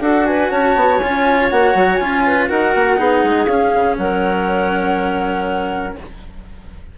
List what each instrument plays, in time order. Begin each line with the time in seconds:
0.00 bassoon D4, cello F#4, clarinet A4, flute F#5
0.26 clarinet B4, flute G#5
0.51 bassoon C#4, clarinet C#5, flute A5
0.75 bassoon B3
0.98 bassoon C#4, cello F4, flute G#5
1.50 bassoon A#3, cello F#4, flute F#5
1.75 bassoon F#3
1.95 bassoon C#4, cello F4, flute G#5
2.26 clarinet B4
2.49 bassoon D#4, cello F#4, clarinet A#4, flute F#5
2.75 bassoon A#3
2.97 bassoon B3, cello D#4, clarinet G#4
3.24 bassoon G#3
3.46 bassoon C#4, cello C#4, flute F5
3.75 bassoon C#3
3.98 bassoon F#3, clarinet A#4, flute F#5